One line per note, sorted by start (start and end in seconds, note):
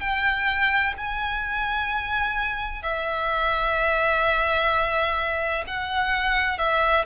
0.00 0.94 G5
0.97 2.83 G#5
2.83 5.64 E5
5.67 6.58 F#5
6.58 7.05 E5